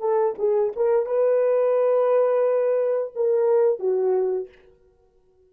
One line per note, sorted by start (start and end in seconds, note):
0.00 0.34 A4
0.38 0.73 G#4
0.76 1.06 A#4
1.06 3.13 B4
3.15 3.79 A#4
3.79 4.48 F#4